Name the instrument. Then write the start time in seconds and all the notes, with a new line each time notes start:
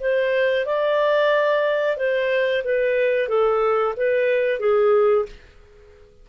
clarinet
0.00 C5
0.66 D5
1.97 C5
2.65 B4
3.29 A4
3.97 B4
4.60 G#4